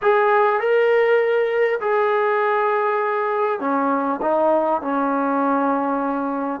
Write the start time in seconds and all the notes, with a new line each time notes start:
0.02 G#4
0.60 A#4
1.80 G#4
3.60 C#4
4.21 D#4
4.81 C#4